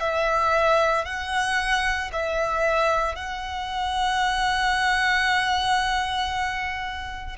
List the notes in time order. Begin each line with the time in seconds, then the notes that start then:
0.00 E5
1.05 F#5
2.12 E5
3.15 F#5